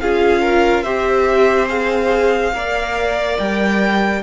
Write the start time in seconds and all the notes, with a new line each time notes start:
0.00 C#4 F4 G#4 F5
0.42 A#4
0.83 C4 G4 C5 E5
1.68 G#4 F5
2.52 A#3 A#4 D5
3.38 G3 G5